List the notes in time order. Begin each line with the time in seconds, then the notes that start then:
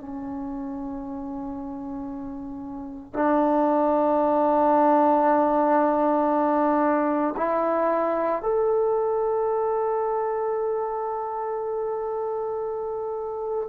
0.00 C#4
3.14 D4
7.37 E4
8.42 A4